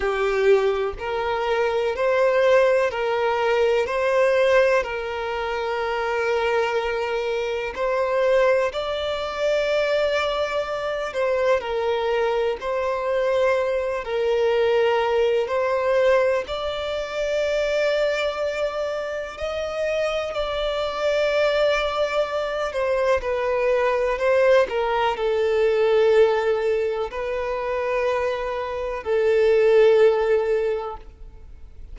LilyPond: \new Staff \with { instrumentName = "violin" } { \time 4/4 \tempo 4 = 62 g'4 ais'4 c''4 ais'4 | c''4 ais'2. | c''4 d''2~ d''8 c''8 | ais'4 c''4. ais'4. |
c''4 d''2. | dis''4 d''2~ d''8 c''8 | b'4 c''8 ais'8 a'2 | b'2 a'2 | }